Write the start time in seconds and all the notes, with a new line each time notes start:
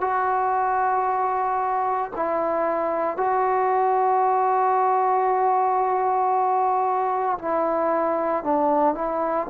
0.00 F#4
2.15 E4
3.17 F#4
7.38 E4
8.44 D4
8.94 E4